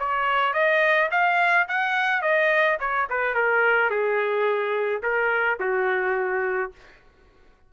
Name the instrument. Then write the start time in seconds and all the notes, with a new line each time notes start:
trumpet
0.00 C#5
0.54 D#5
1.11 F5
1.68 F#5
2.22 D#5
2.80 C#5
3.10 B4
3.35 A#4
3.90 G#4
5.03 A#4
5.60 F#4